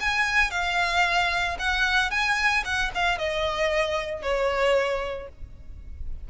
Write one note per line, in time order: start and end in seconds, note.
0.00 0.51 G#5
0.51 1.57 F5
1.59 2.11 F#5
2.11 2.64 G#5
2.65 2.91 F#5
2.95 3.18 F5
3.18 4.22 D#5
4.22 5.28 C#5